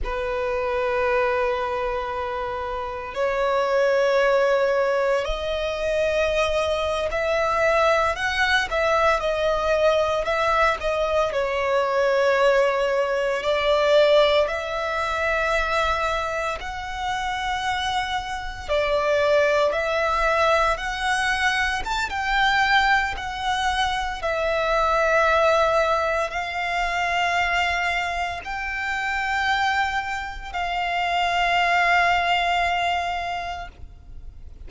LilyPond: \new Staff \with { instrumentName = "violin" } { \time 4/4 \tempo 4 = 57 b'2. cis''4~ | cis''4 dis''4.~ dis''16 e''4 fis''16~ | fis''16 e''8 dis''4 e''8 dis''8 cis''4~ cis''16~ | cis''8. d''4 e''2 fis''16~ |
fis''4.~ fis''16 d''4 e''4 fis''16~ | fis''8. a''16 g''4 fis''4 e''4~ | e''4 f''2 g''4~ | g''4 f''2. | }